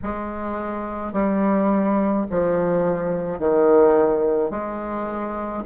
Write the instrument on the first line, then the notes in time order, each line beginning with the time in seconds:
bassoon
0.03 G#3
1.12 G3
2.30 F3
3.39 D#3
4.50 G#3